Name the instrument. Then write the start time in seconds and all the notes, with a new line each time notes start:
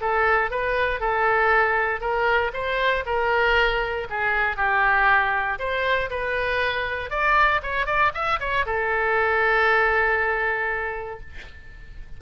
oboe
0.00 A4
0.50 B4
1.00 A4
2.00 A#4
2.53 C5
3.05 A#4
4.10 G#4
4.56 G4
5.59 C5
6.10 B4
7.10 D5
7.62 C#5
7.86 D5
8.14 E5
8.40 C#5
8.66 A4